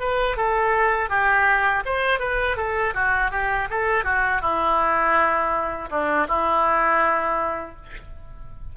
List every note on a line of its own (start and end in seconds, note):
0.00 0.37 B4
0.37 1.10 A4
1.10 1.84 G4
1.86 2.20 C5
2.20 2.57 B4
2.57 2.94 A4
2.95 3.32 F#4
3.32 3.69 G4
3.71 4.04 A4
4.04 4.41 F#4
4.41 5.90 E4
5.90 6.27 D4
6.28 7.76 E4